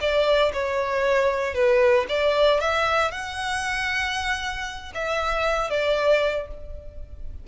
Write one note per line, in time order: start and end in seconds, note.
0.00 0.52 D5
0.53 1.54 C#5
1.54 2.06 B4
2.09 2.60 D5
2.60 3.11 E5
3.11 4.92 F#5
4.94 5.70 E5
5.70 6.47 D5